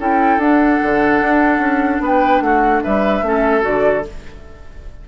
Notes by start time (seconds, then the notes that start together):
0.00 C#4 E4 A4 G5
0.38 D4 F#5
0.83 D3
1.21 D4
1.59 C#4
2.01 B3 B4 G5
2.41 A3 F#4 F#5
2.83 G3 B4 E5
3.22 A3 C#4 A4
3.62 D3 F#4 D5